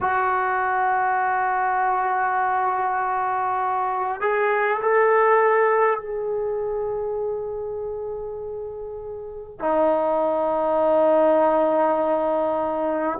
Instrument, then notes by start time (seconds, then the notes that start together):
trombone
0.01 F#4
4.21 G#4
4.81 A4
5.99 G#4
9.59 D#4